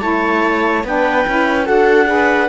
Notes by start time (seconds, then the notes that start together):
0.00 A3 E4 C#5 A5
0.84 B3 D4 B4 G5
1.27 C#4 E4
1.65 D4 F#4 A4 F#5
2.06 G#4 B4